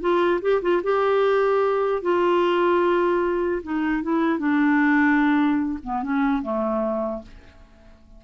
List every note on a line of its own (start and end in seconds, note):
0.00 0.40 F4
0.41 0.61 G4
0.62 0.82 F4
0.83 2.02 G4
2.02 3.62 F4
3.63 4.03 D#4
4.03 4.39 E4
4.39 5.79 D4
5.83 6.03 B3
6.03 6.42 C#4
6.42 7.22 A3